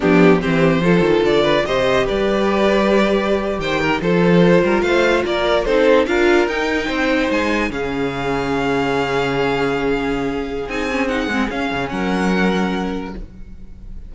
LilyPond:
<<
  \new Staff \with { instrumentName = "violin" } { \time 4/4 \tempo 4 = 146 g'4 c''2 d''4 | dis''4 d''2.~ | d''8. g''4 c''2 f''16~ | f''8. d''4 c''4 f''4 g''16~ |
g''4.~ g''16 gis''4 f''4~ f''16~ | f''1~ | f''2 gis''4 fis''4 | f''4 fis''2. | }
  \new Staff \with { instrumentName = "violin" } { \time 4/4 d'4 g'4 a'4. b'8 | c''4 b'2.~ | b'8. c''8 ais'8 a'4. ais'8 c''16~ | c''8. ais'4 a'4 ais'4~ ais'16~ |
ais'8. c''2 gis'4~ gis'16~ | gis'1~ | gis'1~ | gis'4 ais'2. | }
  \new Staff \with { instrumentName = "viola" } { \time 4/4 b4 c'4 f'2 | g'1~ | g'4.~ g'16 f'2~ f'16~ | f'4.~ f'16 dis'4 f'4 dis'16~ |
dis'2~ dis'8. cis'4~ cis'16~ | cis'1~ | cis'2 dis'8 cis'8 dis'8 c'8 | cis'1 | }
  \new Staff \with { instrumentName = "cello" } { \time 4/4 f4 e4 f8 dis8 d4 | c4 g2.~ | g8. dis4 f4. g8 a16~ | a8. ais4 c'4 d'4 dis'16~ |
dis'8. c'4 gis4 cis4~ cis16~ | cis1~ | cis2 c'4. gis8 | cis'8 cis8 fis2. | }
>>